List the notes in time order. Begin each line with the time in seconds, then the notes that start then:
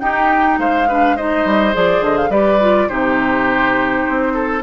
0.00 D#4 G4 G5
0.58 G#3 C5 F5
0.88 D4 B4
1.16 D#4 C5 D#5
1.45 G3
1.73 F3 G#4 D5
2.01 D3 D#5
2.18 F5
2.30 G3 G4 B4 D5
2.61 F4
2.88 C3 D#4 G4 C5
4.09 C4
4.34 A4